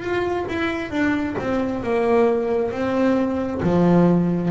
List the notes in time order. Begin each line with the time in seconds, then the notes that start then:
0.00 F4
0.48 E4
0.91 D4
1.38 C4
1.83 A#3
2.71 C4
3.63 F3